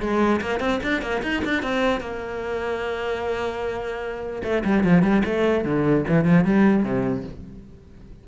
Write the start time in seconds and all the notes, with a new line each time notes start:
0.00 G#3
0.41 A#3
0.59 C4
0.83 D4
1.02 A#3
1.22 D#4
1.44 D4
1.62 C4
2.00 A#3
4.43 A3
4.64 G3
4.84 F3
5.02 G3
5.25 A3
5.64 D3
6.08 E3
6.24 F3
6.44 G3
6.83 C3